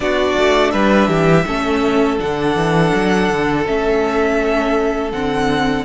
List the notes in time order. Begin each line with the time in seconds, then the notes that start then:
0.00 B3 D4 F#4 D5
0.37 A3
0.70 G3 B4 E5
1.08 E3 G4
1.46 A3 C#4 A4
2.18 D3 D4 F#5
2.55 E3
2.94 F#3
3.29 D3
3.65 A3 C#4 E5
5.11 D3 C4 F#5